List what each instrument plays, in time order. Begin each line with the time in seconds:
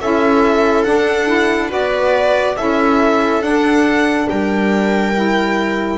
0.00 double bass C#4, saxophone E4, viola A4, violin E5
0.84 saxophone D4, double bass D4, violin F#5
1.27 saxophone E4
1.68 double bass B3, saxophone F#4, viola B4, violin D5
2.57 double bass C#4, saxophone E4, viola A4, violin E5
3.41 saxophone D4, double bass D4, violin F#5
4.29 double bass G3, viola A#4, violin G5
5.15 saxophone E4